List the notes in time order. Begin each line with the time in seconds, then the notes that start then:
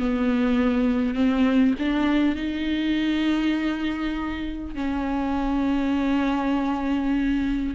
0.00 B3
1.15 C4
1.79 D4
2.36 D#4
4.75 C#4